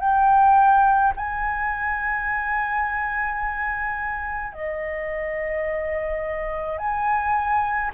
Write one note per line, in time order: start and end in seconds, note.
0.00 1.13 G5
1.17 4.54 G#5
4.54 6.79 D#5
6.79 7.92 G#5